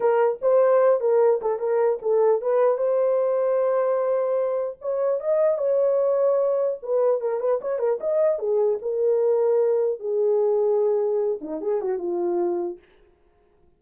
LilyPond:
\new Staff \with { instrumentName = "horn" } { \time 4/4 \tempo 4 = 150 ais'4 c''4. ais'4 a'8 | ais'4 a'4 b'4 c''4~ | c''1 | cis''4 dis''4 cis''2~ |
cis''4 b'4 ais'8 b'8 cis''8 ais'8 | dis''4 gis'4 ais'2~ | ais'4 gis'2.~ | gis'8 dis'8 gis'8 fis'8 f'2 | }